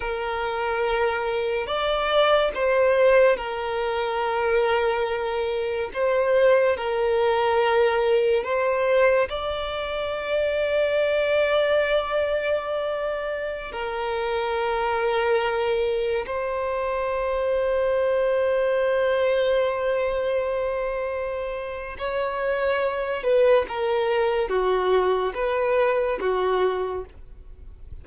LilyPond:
\new Staff \with { instrumentName = "violin" } { \time 4/4 \tempo 4 = 71 ais'2 d''4 c''4 | ais'2. c''4 | ais'2 c''4 d''4~ | d''1~ |
d''16 ais'2. c''8.~ | c''1~ | c''2 cis''4. b'8 | ais'4 fis'4 b'4 fis'4 | }